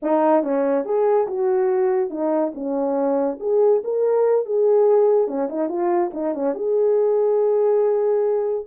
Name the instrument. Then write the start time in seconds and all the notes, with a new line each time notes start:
horn
0.02 D#4
0.43 C#4
0.84 G#4
1.27 F#4
2.10 D#4
2.54 C#4
3.40 G#4
3.84 A#4
4.45 G#4
5.27 C#4
5.49 D#4
5.69 F4
6.13 D#4
6.34 C#4
6.54 G#4